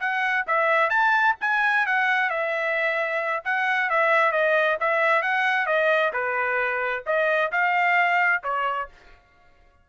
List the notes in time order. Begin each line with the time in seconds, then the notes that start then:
0.00 F#5
0.47 E5
0.90 A5
1.41 G#5
1.86 F#5
2.30 E5
3.45 F#5
3.90 E5
4.32 D#5
4.80 E5
5.22 F#5
5.66 D#5
6.13 B4
7.06 D#5
7.52 F5
8.44 C#5